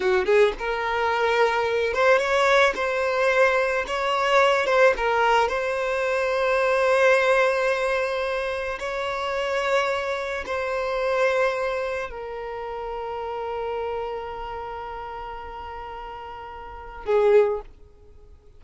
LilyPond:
\new Staff \with { instrumentName = "violin" } { \time 4/4 \tempo 4 = 109 fis'8 gis'8 ais'2~ ais'8 c''8 | cis''4 c''2 cis''4~ | cis''8 c''8 ais'4 c''2~ | c''1 |
cis''2. c''4~ | c''2 ais'2~ | ais'1~ | ais'2. gis'4 | }